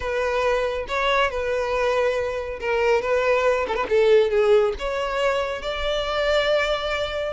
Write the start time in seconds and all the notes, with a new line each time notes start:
0.00 B4
0.88 C#5
1.30 B4
2.60 A#4
3.01 B4
3.67 A4
3.75 B4
3.89 A4
4.30 G#4
4.78 C#5
5.62 D5